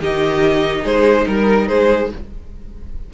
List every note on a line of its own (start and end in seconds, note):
0.00 0.83 D#3
0.00 2.13 D#4
0.00 0.82 G4
0.00 0.85 D#5
0.82 1.26 G#3
0.82 1.25 G#4
0.82 1.27 C5
1.26 1.69 G3
1.26 1.68 A#4
1.68 2.11 G#3
1.68 2.10 G#4
1.68 2.10 C5